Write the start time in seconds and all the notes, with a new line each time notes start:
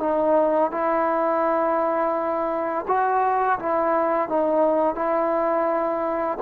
0.00 D#4
0.71 E4
2.88 F#4
3.59 E4
4.29 D#4
4.95 E4